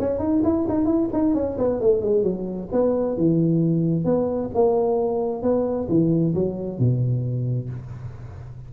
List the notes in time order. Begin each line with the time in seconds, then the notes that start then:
0.00 C#4
0.19 D#4
0.44 E4
0.69 D#4
0.86 E4
1.13 D#4
1.35 C#4
1.59 B3
1.81 A3
2.02 G#3
2.24 F#3
2.73 B3
3.18 E3
4.05 B3
4.55 A#3
5.43 B3
5.89 E3
6.35 F#3
6.79 B2